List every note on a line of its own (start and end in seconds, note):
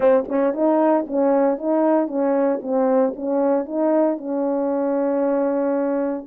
0.00 0.24 C4
0.28 0.53 C#4
0.53 1.05 D#4
1.06 1.57 C#4
1.57 2.07 D#4
2.07 2.59 C#4
2.62 3.14 C4
3.16 3.65 C#4
3.65 4.17 D#4
4.17 6.26 C#4